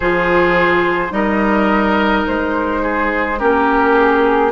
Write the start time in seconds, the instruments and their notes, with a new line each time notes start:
0.00 bassoon F3, clarinet F4, oboe G#4, flute C5
1.09 bassoon G3, clarinet D#4, oboe A#4, flute D#5
2.26 bassoon G#3, flute C5
2.82 oboe G#4
3.39 bassoon A#3, clarinet C#4, oboe G4, flute A#4
3.94 flute G#4